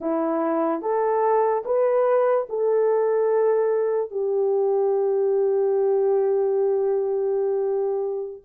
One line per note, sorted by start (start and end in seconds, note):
0.00 0.81 E4
0.81 1.63 A4
1.65 2.47 B4
2.49 4.11 A4
4.11 8.42 G4